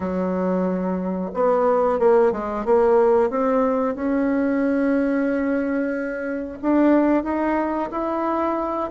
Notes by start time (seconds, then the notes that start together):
0.00 F#3
1.34 B3
1.99 A#3
2.32 G#3
2.65 A#3
3.30 C4
3.95 C#4
6.61 D4
7.23 D#4
7.91 E4